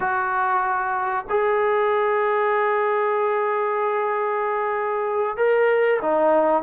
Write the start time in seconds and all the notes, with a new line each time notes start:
0.00 F#4
1.29 G#4
5.37 A#4
6.02 D#4